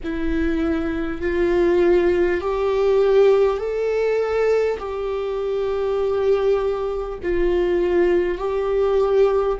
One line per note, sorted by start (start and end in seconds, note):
0.03 1.21 E4
1.21 2.40 F4
2.40 3.57 G4
3.57 4.77 A4
4.78 7.18 G4
7.23 8.38 F4
8.38 9.58 G4